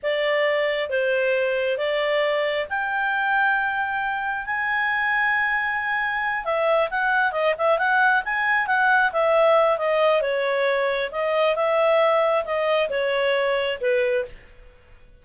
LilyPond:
\new Staff \with { instrumentName = "clarinet" } { \time 4/4 \tempo 4 = 135 d''2 c''2 | d''2 g''2~ | g''2 gis''2~ | gis''2~ gis''8 e''4 fis''8~ |
fis''8 dis''8 e''8 fis''4 gis''4 fis''8~ | fis''8 e''4. dis''4 cis''4~ | cis''4 dis''4 e''2 | dis''4 cis''2 b'4 | }